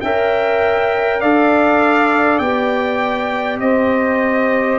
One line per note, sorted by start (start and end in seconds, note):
0.00 1.22 C#4
0.00 1.23 A#4
0.00 1.19 E5
0.00 1.20 G5
1.19 2.39 D4
1.19 2.43 A4
1.19 3.58 D5
1.19 2.38 F5
2.38 3.59 B3
2.38 4.78 G4
2.38 3.58 G5
3.59 4.78 C4
3.59 4.78 C5
3.59 4.78 D#5